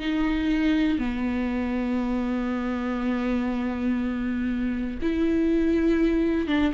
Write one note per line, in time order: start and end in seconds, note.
0.00 0.99 D#4
0.99 4.99 B3
5.02 6.48 E4
6.48 6.73 D4